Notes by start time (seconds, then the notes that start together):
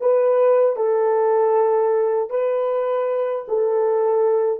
0.00 B4
0.76 A4
2.30 B4
3.48 A4